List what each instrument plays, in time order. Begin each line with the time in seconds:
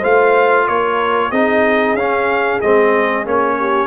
0.00 tuba A3, trombone F4, horn C5, trumpet F5
0.68 tuba A#3, horn A#4, trumpet C#5
1.31 tuba C4, trombone D#4, horn G#4, trumpet D#5
1.95 tuba C#4, trombone C#4, trumpet F5
2.61 tuba G#3, trombone C4, trumpet D#5
3.26 tuba A#3, trombone C#4, trumpet C#5
3.59 horn G4